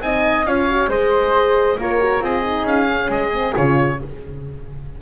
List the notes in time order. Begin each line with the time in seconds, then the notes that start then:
0.00 C4 D#4 D#5 G#5
0.44 C#4 F4 C#5 F5
0.68 F#4
0.87 G#3 G#4 C5 D#5
1.78 A#3 F4 A#4 C#5
1.99 F#4
2.19 C4 F4 G#4 D#5
2.42 D#4
2.63 C#4 F5
2.87 C#4
3.09 G#3 D#5
3.32 C4
3.54 C#3 F4 C#5